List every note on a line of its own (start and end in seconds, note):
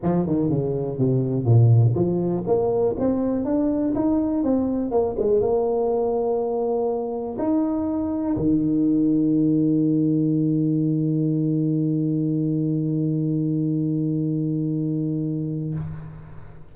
0.02 0.26 F3
0.26 0.49 D#3
0.49 0.98 C#3
0.98 1.45 C3
1.45 1.94 A#2
1.94 2.43 F3
2.46 2.96 A#3
2.99 3.44 C4
3.44 3.93 D4
3.95 4.43 D#4
4.43 4.91 C4
4.91 5.15 A#3
5.19 5.40 G#3
5.40 7.37 A#3
7.38 8.36 D#4
8.36 15.74 D#3